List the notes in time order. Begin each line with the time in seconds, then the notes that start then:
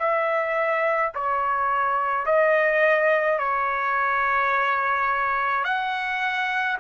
0.00 E5
1.15 C#5
2.26 D#5
3.39 C#5
5.64 F#5